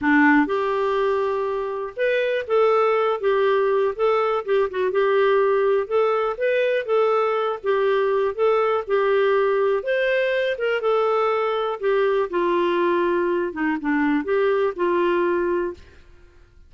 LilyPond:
\new Staff \with { instrumentName = "clarinet" } { \time 4/4 \tempo 4 = 122 d'4 g'2. | b'4 a'4. g'4. | a'4 g'8 fis'8 g'2 | a'4 b'4 a'4. g'8~ |
g'4 a'4 g'2 | c''4. ais'8 a'2 | g'4 f'2~ f'8 dis'8 | d'4 g'4 f'2 | }